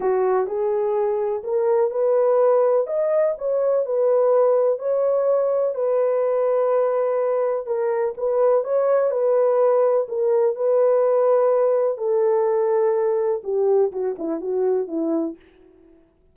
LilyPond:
\new Staff \with { instrumentName = "horn" } { \time 4/4 \tempo 4 = 125 fis'4 gis'2 ais'4 | b'2 dis''4 cis''4 | b'2 cis''2 | b'1 |
ais'4 b'4 cis''4 b'4~ | b'4 ais'4 b'2~ | b'4 a'2. | g'4 fis'8 e'8 fis'4 e'4 | }